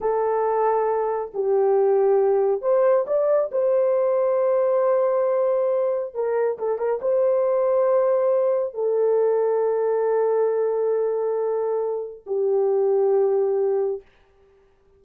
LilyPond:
\new Staff \with { instrumentName = "horn" } { \time 4/4 \tempo 4 = 137 a'2. g'4~ | g'2 c''4 d''4 | c''1~ | c''2 ais'4 a'8 ais'8 |
c''1 | a'1~ | a'1 | g'1 | }